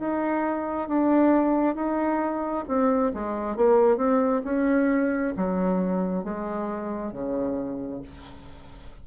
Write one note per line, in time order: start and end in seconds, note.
0.00 0.89 D#4
0.89 1.75 D4
1.75 2.65 D#4
2.68 3.13 C4
3.14 3.57 G#3
3.57 3.98 A#3
3.98 4.42 C4
4.45 5.34 C#4
5.37 6.24 F#3
6.24 7.13 G#3
7.13 8.02 C#3